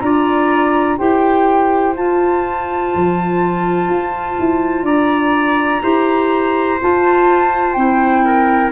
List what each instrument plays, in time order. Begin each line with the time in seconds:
0.00 tuba D4, clarinet F4, trumpet D5, flute A#5
0.98 tuba E4, clarinet G4, trumpet C5, flute G5
1.96 tuba F4, clarinet F4, flute A5
2.95 tuba F3
3.89 tuba F4
4.39 tuba E4
4.82 tuba D4, trumpet D5, flute A#5
5.82 tuba E4, clarinet G4, trumpet C5
6.81 clarinet F4, tuba F4, flute A5
7.73 tuba C4, clarinet E4, flute G5
8.25 trumpet A#4